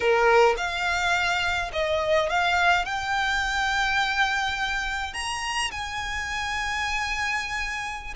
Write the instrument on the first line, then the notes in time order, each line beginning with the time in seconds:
violin
0.00 A#4
0.57 F5
1.72 D#5
2.29 F5
2.85 G5
5.13 A#5
5.71 G#5